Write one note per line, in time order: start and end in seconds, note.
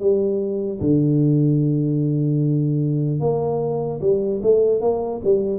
0.00 0.80 G3
0.81 3.20 D3
3.20 4.00 A#3
4.01 4.41 G3
4.43 4.81 A3
4.81 5.21 A#3
5.24 5.59 G3